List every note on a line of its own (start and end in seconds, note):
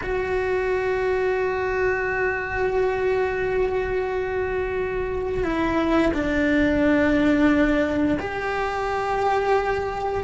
0.02 5.44 F#4
5.44 6.12 E4
6.13 8.18 D4
8.18 10.23 G4